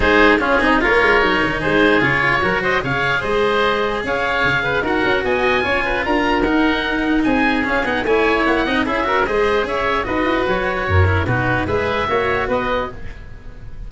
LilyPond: <<
  \new Staff \with { instrumentName = "oboe" } { \time 4/4 \tempo 4 = 149 c''4 gis'4 cis''2 | c''4 cis''4. dis''8 f''4 | dis''2 f''2 | fis''4 gis''2 ais''4 |
fis''2 gis''4 f''8 fis''8 | gis''4 fis''4 e''4 dis''4 | e''4 dis''4 cis''2 | b'4 e''2 dis''4 | }
  \new Staff \with { instrumentName = "oboe" } { \time 4/4 gis'4 f'8 dis'8 ais'2 | gis'2 ais'8 c''8 cis''4 | c''2 cis''4. b'8 | ais'4 dis''4 cis''8 b'8 ais'4~ |
ais'2 gis'2 | cis''4. dis''8 gis'8 ais'8 c''4 | cis''4 b'2 ais'4 | fis'4 b'4 cis''4 b'4 | }
  \new Staff \with { instrumentName = "cello" } { \time 4/4 dis'4 cis'8 dis'8 f'4 dis'4~ | dis'4 f'4 fis'4 gis'4~ | gis'1 | fis'2 f'2 |
dis'2. cis'8 dis'8 | e'4. dis'8 e'8 fis'8 gis'4~ | gis'4 fis'2~ fis'8 e'8 | dis'4 gis'4 fis'2 | }
  \new Staff \with { instrumentName = "tuba" } { \time 4/4 gis4 cis'8 c'8 ais8 gis8 fis8 dis8 | gis4 cis4 fis4 cis4 | gis2 cis'4 cis4 | dis'8 cis'8 b4 cis'4 d'4 |
dis'2 c'4 cis'8 b8 | a4 ais8 c'8 cis'4 gis4 | cis'4 dis'8 e'8 fis4 fis,4 | b,4 gis4 ais4 b4 | }
>>